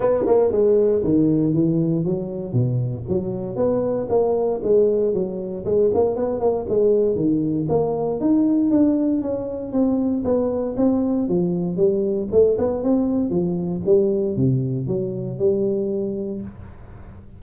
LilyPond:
\new Staff \with { instrumentName = "tuba" } { \time 4/4 \tempo 4 = 117 b8 ais8 gis4 dis4 e4 | fis4 b,4 fis4 b4 | ais4 gis4 fis4 gis8 ais8 | b8 ais8 gis4 dis4 ais4 |
dis'4 d'4 cis'4 c'4 | b4 c'4 f4 g4 | a8 b8 c'4 f4 g4 | c4 fis4 g2 | }